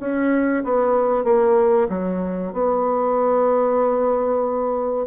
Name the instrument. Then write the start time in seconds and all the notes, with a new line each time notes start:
bassoon
0.00 C#4
0.64 B3
1.24 A#3
1.89 F#3
2.53 B3